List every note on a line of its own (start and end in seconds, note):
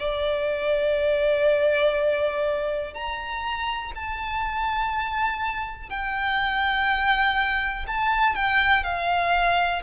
0.00 2.95 D5
2.95 3.93 A#5
3.96 5.90 A5
5.90 7.86 G5
7.88 8.36 A5
8.36 8.84 G5
8.84 9.82 F5